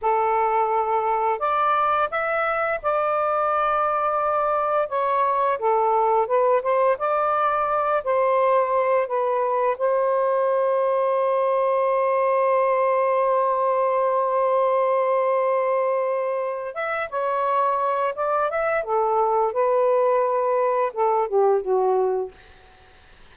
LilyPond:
\new Staff \with { instrumentName = "saxophone" } { \time 4/4 \tempo 4 = 86 a'2 d''4 e''4 | d''2. cis''4 | a'4 b'8 c''8 d''4. c''8~ | c''4 b'4 c''2~ |
c''1~ | c''1 | e''8 cis''4. d''8 e''8 a'4 | b'2 a'8 g'8 fis'4 | }